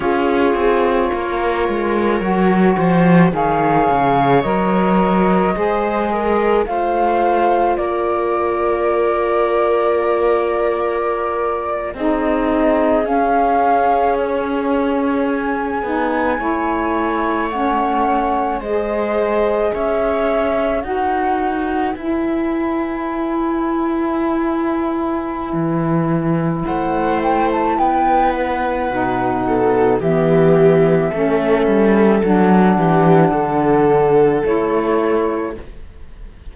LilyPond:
<<
  \new Staff \with { instrumentName = "flute" } { \time 4/4 \tempo 4 = 54 cis''2. f''4 | dis''2 f''4 d''4~ | d''2~ d''8. dis''4 f''16~ | f''8. cis''4 gis''2 fis''16~ |
fis''8. dis''4 e''4 fis''4 gis''16~ | gis''1 | fis''8 g''16 a''16 g''8 fis''4. e''4~ | e''4 fis''2 cis''4 | }
  \new Staff \with { instrumentName = "viola" } { \time 4/4 gis'4 ais'4. c''8 cis''4~ | cis''4 c''8 ais'8 c''4 ais'4~ | ais'2~ ais'8. gis'4~ gis'16~ | gis'2~ gis'8. cis''4~ cis''16~ |
cis''8. c''4 cis''4 b'4~ b'16~ | b'1 | c''4 b'4. a'8 g'4 | a'4. g'8 a'2 | }
  \new Staff \with { instrumentName = "saxophone" } { \time 4/4 f'2 fis'4 gis'4 | ais'4 gis'4 f'2~ | f'2~ f'8. dis'4 cis'16~ | cis'2~ cis'16 dis'8 e'4 cis'16~ |
cis'8. gis'2 fis'4 e'16~ | e'1~ | e'2 dis'4 b4 | cis'4 d'2 e'4 | }
  \new Staff \with { instrumentName = "cello" } { \time 4/4 cis'8 c'8 ais8 gis8 fis8 f8 dis8 cis8 | fis4 gis4 a4 ais4~ | ais2~ ais8. c'4 cis'16~ | cis'2~ cis'16 b8 a4~ a16~ |
a8. gis4 cis'4 dis'4 e'16~ | e'2. e4 | a4 b4 b,4 e4 | a8 g8 fis8 e8 d4 a4 | }
>>